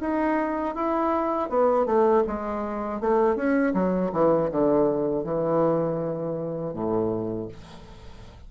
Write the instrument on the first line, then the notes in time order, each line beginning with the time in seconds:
bassoon
0.00 D#4
0.75 E4
1.49 B3
1.86 A3
2.27 G#3
3.01 A3
3.35 C#4
3.74 F#3
4.12 E3
4.51 D3
5.24 E3
6.73 A2